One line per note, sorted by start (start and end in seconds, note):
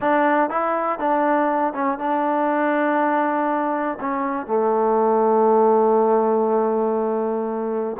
0.00 0.50 D4
0.50 0.99 E4
0.99 1.73 D4
1.73 1.98 C#4
1.98 3.98 D4
4.00 4.47 C#4
4.47 7.97 A3